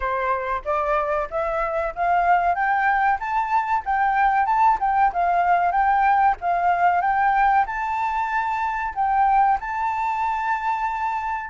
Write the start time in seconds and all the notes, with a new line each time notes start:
0.00 C5
0.64 D5
1.30 E5
1.95 F5
2.54 G5
3.19 A5
3.85 G5
4.46 A5
4.80 G5
5.12 F5
5.71 G5
6.40 F5
7.01 G5
7.66 A5
8.94 G5
9.60 A5